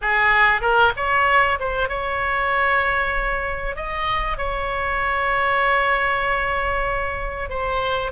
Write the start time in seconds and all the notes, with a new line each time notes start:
0.01 G#4
0.61 A#4
0.96 C#5
1.59 C5
1.88 C#5
3.76 D#5
4.37 C#5
7.49 C5